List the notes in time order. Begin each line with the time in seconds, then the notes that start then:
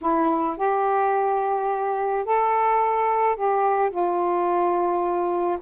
0.01 E4
0.57 G4
2.25 A4
3.35 G4
3.90 F4